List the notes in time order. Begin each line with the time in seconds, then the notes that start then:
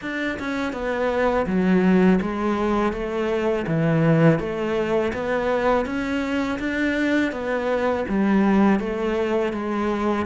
0.01 D4
0.39 C#4
0.72 B3
1.46 F#3
2.22 G#3
2.92 A3
3.67 E3
4.39 A3
5.13 B3
5.85 C#4
6.59 D4
7.32 B3
8.08 G3
8.79 A3
9.53 G#3